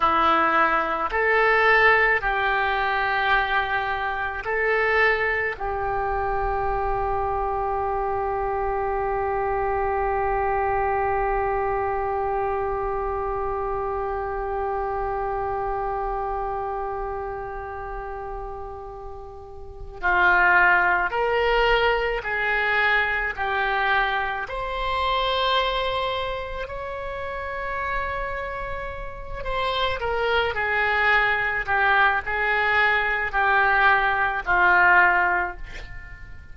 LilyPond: \new Staff \with { instrumentName = "oboe" } { \time 4/4 \tempo 4 = 54 e'4 a'4 g'2 | a'4 g'2.~ | g'1~ | g'1~ |
g'2 f'4 ais'4 | gis'4 g'4 c''2 | cis''2~ cis''8 c''8 ais'8 gis'8~ | gis'8 g'8 gis'4 g'4 f'4 | }